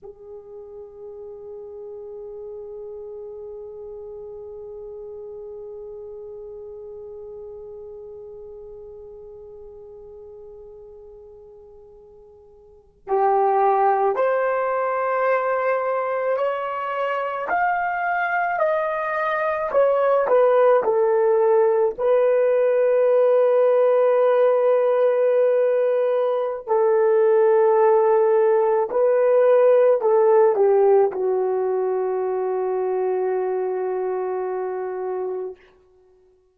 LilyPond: \new Staff \with { instrumentName = "horn" } { \time 4/4 \tempo 4 = 54 gis'1~ | gis'1~ | gis'2.~ gis'8. g'16~ | g'8. c''2 cis''4 f''16~ |
f''8. dis''4 cis''8 b'8 a'4 b'16~ | b'1 | a'2 b'4 a'8 g'8 | fis'1 | }